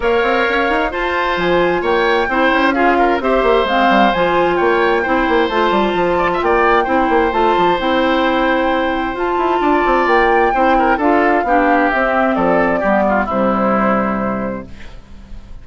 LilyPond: <<
  \new Staff \with { instrumentName = "flute" } { \time 4/4 \tempo 4 = 131 f''2 a''4 gis''4 | g''2 f''4 e''4 | f''4 gis''4 g''2 | a''2 g''2 |
a''4 g''2. | a''2 g''2 | f''2 e''4 d''4~ | d''4 c''2. | }
  \new Staff \with { instrumentName = "oboe" } { \time 4/4 cis''2 c''2 | cis''4 c''4 gis'8 ais'8 c''4~ | c''2 cis''4 c''4~ | c''4. d''16 e''16 d''4 c''4~ |
c''1~ | c''4 d''2 c''8 ais'8 | a'4 g'2 a'4 | g'8 f'8 e'2. | }
  \new Staff \with { instrumentName = "clarinet" } { \time 4/4 ais'2 f'2~ | f'4 e'4 f'4 g'4 | c'4 f'2 e'4 | f'2. e'4 |
f'4 e'2. | f'2. e'4 | f'4 d'4 c'2 | b4 g2. | }
  \new Staff \with { instrumentName = "bassoon" } { \time 4/4 ais8 c'8 cis'8 dis'8 f'4 f4 | ais4 c'8 cis'4. c'8 ais8 | gis8 g8 f4 ais4 c'8 ais8 | a8 g8 f4 ais4 c'8 ais8 |
a8 f8 c'2. | f'8 e'8 d'8 c'8 ais4 c'4 | d'4 b4 c'4 f4 | g4 c2. | }
>>